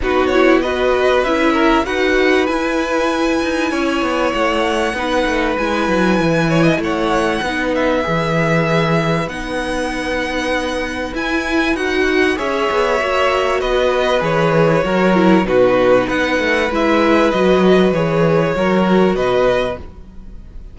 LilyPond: <<
  \new Staff \with { instrumentName = "violin" } { \time 4/4 \tempo 4 = 97 b'8 cis''8 dis''4 e''4 fis''4 | gis''2. fis''4~ | fis''4 gis''2 fis''4~ | fis''8 e''2~ e''8 fis''4~ |
fis''2 gis''4 fis''4 | e''2 dis''4 cis''4~ | cis''4 b'4 fis''4 e''4 | dis''4 cis''2 dis''4 | }
  \new Staff \with { instrumentName = "violin" } { \time 4/4 fis'4 b'4. ais'8 b'4~ | b'2 cis''2 | b'2~ b'8 cis''16 dis''16 cis''4 | b'1~ |
b'1 | cis''2 b'2 | ais'4 fis'4 b'2~ | b'2 ais'4 b'4 | }
  \new Staff \with { instrumentName = "viola" } { \time 4/4 dis'8 e'8 fis'4 e'4 fis'4 | e'1 | dis'4 e'2. | dis'4 gis'2 dis'4~ |
dis'2 e'4 fis'4 | gis'4 fis'2 gis'4 | fis'8 e'8 dis'2 e'4 | fis'4 gis'4 fis'2 | }
  \new Staff \with { instrumentName = "cello" } { \time 4/4 b2 cis'4 dis'4 | e'4. dis'8 cis'8 b8 a4 | b8 a8 gis8 fis8 e4 a4 | b4 e2 b4~ |
b2 e'4 dis'4 | cis'8 b8 ais4 b4 e4 | fis4 b,4 b8 a8 gis4 | fis4 e4 fis4 b,4 | }
>>